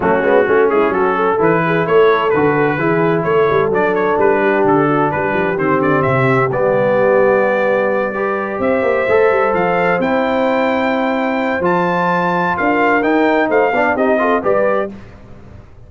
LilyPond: <<
  \new Staff \with { instrumentName = "trumpet" } { \time 4/4 \tempo 4 = 129 fis'4. gis'8 a'4 b'4 | cis''4 b'2 cis''4 | d''8 cis''8 b'4 a'4 b'4 | c''8 d''8 e''4 d''2~ |
d''2~ d''8 e''4.~ | e''8 f''4 g''2~ g''8~ | g''4 a''2 f''4 | g''4 f''4 dis''4 d''4 | }
  \new Staff \with { instrumentName = "horn" } { \time 4/4 cis'4 fis'8 e'8 fis'8 a'4 gis'8 | a'2 gis'4 a'4~ | a'4. g'4 fis'8 g'4~ | g'1~ |
g'4. b'4 c''4.~ | c''1~ | c''2. ais'4~ | ais'4 c''8 d''8 g'8 a'8 b'4 | }
  \new Staff \with { instrumentName = "trombone" } { \time 4/4 a8 b8 cis'2 e'4~ | e'4 fis'4 e'2 | d'1 | c'2 b2~ |
b4. g'2 a'8~ | a'4. e'2~ e'8~ | e'4 f'2. | dis'4. d'8 dis'8 f'8 g'4 | }
  \new Staff \with { instrumentName = "tuba" } { \time 4/4 fis8 gis8 a8 gis8 fis4 e4 | a4 d4 e4 a8 g8 | fis4 g4 d4 g8 f8 | dis8 d8 c4 g2~ |
g2~ g8 c'8 ais8 a8 | g8 f4 c'2~ c'8~ | c'4 f2 d'4 | dis'4 a8 b8 c'4 g4 | }
>>